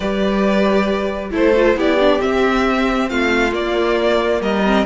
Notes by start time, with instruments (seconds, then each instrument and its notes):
0.00 cello G3, viola G4, violin B4 D5
1.31 cello A3, viola E4, violin A4 C5
1.56 viola F4
1.75 cello B3, viola E4, violin G4 D5
1.99 viola D4
2.19 viola C4, cello C4, violin E5
3.09 cello A3, violin F4 F5
3.52 viola A#3, cello A#3, violin D5
4.41 cello G3, violin A#4 D#5
4.65 viola C4